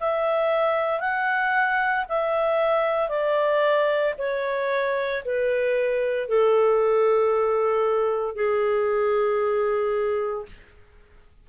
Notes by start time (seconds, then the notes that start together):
0.00 E5
1.00 F#5
2.09 E5
3.09 D5
4.18 C#5
5.25 B4
6.28 A4
8.35 G#4